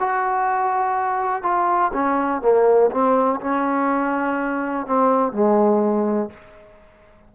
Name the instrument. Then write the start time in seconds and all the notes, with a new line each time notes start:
trombone
0.00 F#4
1.43 F4
1.94 C#4
2.42 A#3
2.92 C4
3.41 C#4
4.87 C4
5.33 G#3